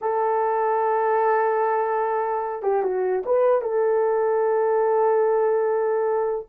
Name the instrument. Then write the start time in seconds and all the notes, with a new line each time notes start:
horn
0.01 A4
2.62 G4
2.82 F#4
3.25 B4
3.61 A4